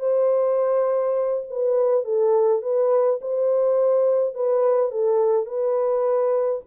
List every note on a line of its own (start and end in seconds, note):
0.00 1.44 C5
1.51 2.05 B4
2.05 2.62 A4
2.62 3.20 B4
3.22 4.35 C5
4.35 4.91 B4
4.91 5.46 A4
5.46 6.62 B4